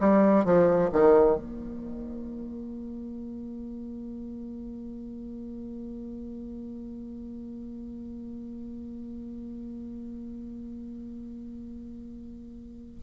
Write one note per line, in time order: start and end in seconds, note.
0.00 0.45 G3
0.45 0.90 F3
0.93 1.36 D#3
1.36 13.01 A#3